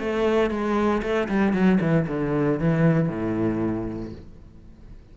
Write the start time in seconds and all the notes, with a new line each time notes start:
0.00 A3
0.50 G#3
1.03 A3
1.28 G3
1.53 F#3
1.81 E3
2.08 D3
2.60 E3
3.09 A2